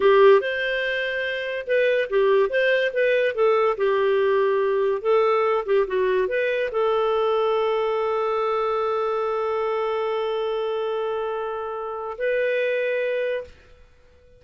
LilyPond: \new Staff \with { instrumentName = "clarinet" } { \time 4/4 \tempo 4 = 143 g'4 c''2. | b'4 g'4 c''4 b'4 | a'4 g'2. | a'4. g'8 fis'4 b'4 |
a'1~ | a'1~ | a'1~ | a'4 b'2. | }